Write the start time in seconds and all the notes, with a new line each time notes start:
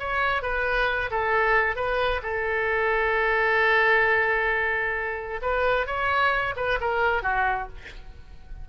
0.00 C#5
0.43 B4
1.11 A4
1.76 B4
2.23 A4
5.42 B4
5.87 C#5
6.57 B4
6.81 A#4
7.23 F#4